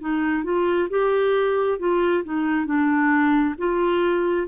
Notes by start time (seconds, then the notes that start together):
0.00 D#4
0.44 F4
0.89 G4
1.79 F4
2.23 D#4
2.65 D4
3.58 F4